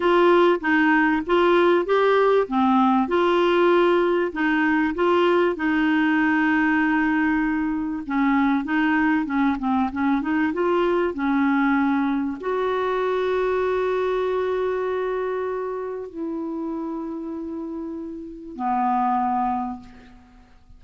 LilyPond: \new Staff \with { instrumentName = "clarinet" } { \time 4/4 \tempo 4 = 97 f'4 dis'4 f'4 g'4 | c'4 f'2 dis'4 | f'4 dis'2.~ | dis'4 cis'4 dis'4 cis'8 c'8 |
cis'8 dis'8 f'4 cis'2 | fis'1~ | fis'2 e'2~ | e'2 b2 | }